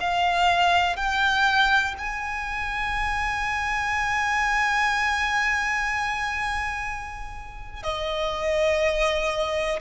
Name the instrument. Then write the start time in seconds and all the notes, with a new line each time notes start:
violin
0.00 F5
0.96 G5
1.98 G#5
7.83 D#5